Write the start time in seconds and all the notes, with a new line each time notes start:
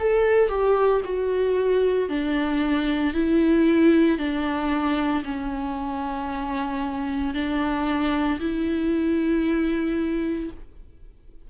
0.00 A4
0.49 G4
1.05 F#4
2.09 D4
3.14 E4
4.19 D4
5.24 C#4
7.34 D4
8.40 E4